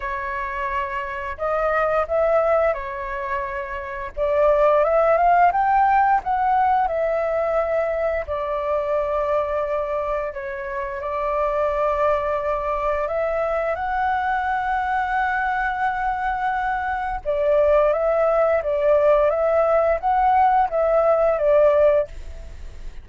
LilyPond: \new Staff \with { instrumentName = "flute" } { \time 4/4 \tempo 4 = 87 cis''2 dis''4 e''4 | cis''2 d''4 e''8 f''8 | g''4 fis''4 e''2 | d''2. cis''4 |
d''2. e''4 | fis''1~ | fis''4 d''4 e''4 d''4 | e''4 fis''4 e''4 d''4 | }